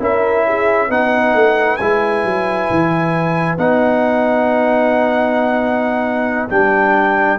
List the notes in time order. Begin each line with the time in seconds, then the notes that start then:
0.00 C#4 E4 A#4 E5
0.48 G#4
0.88 B3 D#4 B4 F#5
1.34 A3
1.77 G#3 E4 G#5
2.24 F#3
2.71 E3
3.58 B3 D#4 F#5
6.50 G3 D4 G5